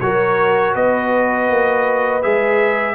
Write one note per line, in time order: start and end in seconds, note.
0.00 0.75 F#3
0.00 2.22 F#4
0.00 0.74 A#4
0.00 0.74 C#5
0.74 1.49 B3
0.74 2.95 B4
0.74 2.22 D#5
1.49 2.23 A#3
2.22 2.95 G#3
2.22 2.95 G#4
2.22 2.95 E5